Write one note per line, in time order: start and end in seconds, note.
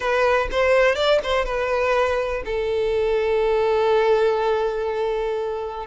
0.00 0.48 B4
0.51 0.95 C5
0.95 1.19 D5
1.23 1.45 C5
1.45 2.42 B4
2.45 5.86 A4